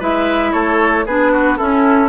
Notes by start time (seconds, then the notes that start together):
0.00 G#3 E4 B4 E5
0.53 A3 A4 C#5
1.06 B3 D4 G#4 B4
1.33 F#4
1.58 C#4 E4 A4